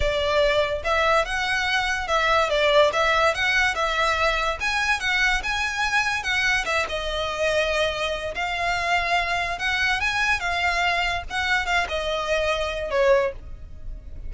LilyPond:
\new Staff \with { instrumentName = "violin" } { \time 4/4 \tempo 4 = 144 d''2 e''4 fis''4~ | fis''4 e''4 d''4 e''4 | fis''4 e''2 gis''4 | fis''4 gis''2 fis''4 |
e''8 dis''2.~ dis''8 | f''2. fis''4 | gis''4 f''2 fis''4 | f''8 dis''2~ dis''8 cis''4 | }